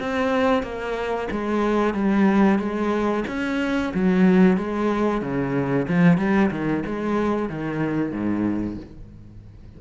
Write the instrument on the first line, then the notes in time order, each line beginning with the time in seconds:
cello
0.00 C4
0.63 A#3
1.31 G#3
1.94 G3
2.59 G#3
3.27 C#4
3.94 F#3
4.57 G#3
5.21 C#3
5.88 F3
6.17 G3
6.51 D#3
6.86 G#3
7.49 D#3
8.11 G#2